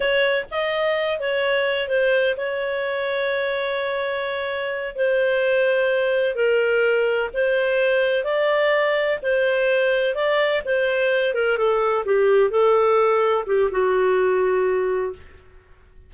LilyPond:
\new Staff \with { instrumentName = "clarinet" } { \time 4/4 \tempo 4 = 127 cis''4 dis''4. cis''4. | c''4 cis''2.~ | cis''2~ cis''8 c''4.~ | c''4. ais'2 c''8~ |
c''4. d''2 c''8~ | c''4. d''4 c''4. | ais'8 a'4 g'4 a'4.~ | a'8 g'8 fis'2. | }